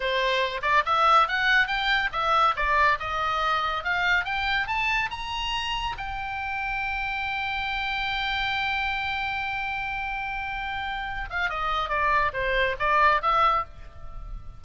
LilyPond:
\new Staff \with { instrumentName = "oboe" } { \time 4/4 \tempo 4 = 141 c''4. d''8 e''4 fis''4 | g''4 e''4 d''4 dis''4~ | dis''4 f''4 g''4 a''4 | ais''2 g''2~ |
g''1~ | g''1~ | g''2~ g''8 f''8 dis''4 | d''4 c''4 d''4 e''4 | }